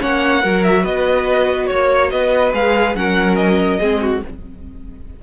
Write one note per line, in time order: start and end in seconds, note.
0.00 0.44 A#3
0.00 0.42 C#4
0.00 0.42 C#5
0.00 0.64 F#5
0.42 0.85 F#3
0.42 2.53 F#4
0.42 0.83 A#4
0.64 0.85 E5
0.83 1.70 B3
0.83 1.67 B4
0.83 1.67 D#5
1.67 2.12 A#3
1.67 2.09 C#5
1.67 2.13 C#5
2.11 2.53 B3
2.11 2.97 B4
2.11 2.53 D#5
2.53 2.95 G#3
2.53 2.96 G#4
2.53 2.96 F5
2.95 3.80 F#3
2.95 3.80 C#4
2.95 3.80 A#4
2.95 3.36 F#5
3.36 4.20 D#5
3.80 4.23 G#3
3.80 4.23 C4
3.80 4.01 G#4
4.02 4.23 F#4